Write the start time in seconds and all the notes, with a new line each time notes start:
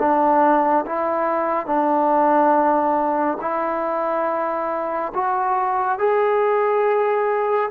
0.00 D4
0.86 E4
1.67 D4
3.42 E4
5.15 F#4
5.99 G#4